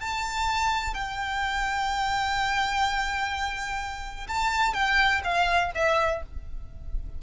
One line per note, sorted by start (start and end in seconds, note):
0.00 0.94 A5
0.94 4.27 G5
4.28 4.73 A5
4.73 5.21 G5
5.24 5.72 F5
5.74 6.22 E5